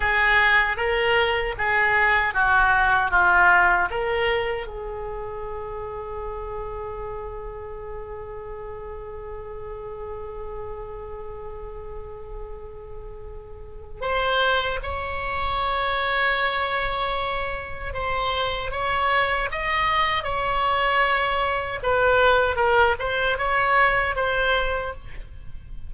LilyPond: \new Staff \with { instrumentName = "oboe" } { \time 4/4 \tempo 4 = 77 gis'4 ais'4 gis'4 fis'4 | f'4 ais'4 gis'2~ | gis'1~ | gis'1~ |
gis'2 c''4 cis''4~ | cis''2. c''4 | cis''4 dis''4 cis''2 | b'4 ais'8 c''8 cis''4 c''4 | }